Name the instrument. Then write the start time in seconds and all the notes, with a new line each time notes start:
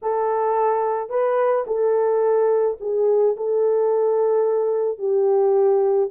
horn
0.02 A4
1.09 B4
1.66 A4
2.80 G#4
3.37 A4
4.98 G4